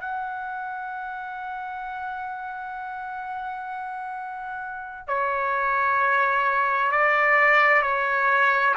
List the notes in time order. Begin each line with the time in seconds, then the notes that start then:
0.00 F#5
5.08 C#5
6.91 D5
7.82 C#5